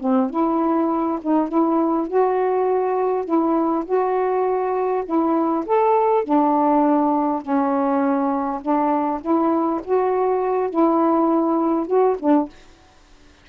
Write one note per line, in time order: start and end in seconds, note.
0.00 0.30 C4
0.30 1.19 E4
1.22 1.48 D#4
1.48 2.07 E4
2.07 3.25 F#4
3.25 3.84 E4
3.85 5.04 F#4
5.05 5.65 E4
5.66 6.24 A4
6.24 7.42 D4
7.42 8.61 C#4
8.61 9.21 D4
9.21 9.80 E4
9.84 10.70 F#4
10.70 11.86 E4
11.86 12.16 F#4
12.19 12.49 D4